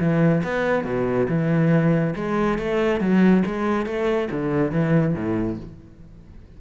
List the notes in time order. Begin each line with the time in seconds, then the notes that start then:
0.00 E3
0.44 B3
0.85 B2
1.29 E3
2.16 G#3
2.59 A3
3.01 F#3
3.46 G#3
3.86 A3
4.32 D3
4.72 E3
5.15 A2